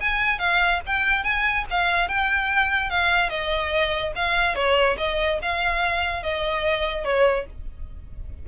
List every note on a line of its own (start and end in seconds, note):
0.00 0.39 G#5
0.39 0.80 F5
0.86 1.23 G5
1.23 1.65 G#5
1.70 2.08 F5
2.08 2.89 G5
2.89 3.29 F5
3.29 4.12 D#5
4.15 4.55 F5
4.55 4.96 C#5
4.97 5.39 D#5
5.42 6.22 F5
6.22 7.04 D#5
7.04 7.45 C#5